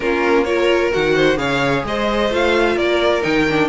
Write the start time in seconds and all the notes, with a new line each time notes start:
0.00 A#3 C#4 F4 A#4
0.44 F4 A#4 C#5
0.92 D#3 F#4 F#5
1.15 C5
1.37 C#3 G#4 C#5 F5
1.84 G#3 C5 D#5
2.30 A3 F4 F5
2.75 A#3 A#4 D5
3.21 D#3 D#4 G5
3.49 D4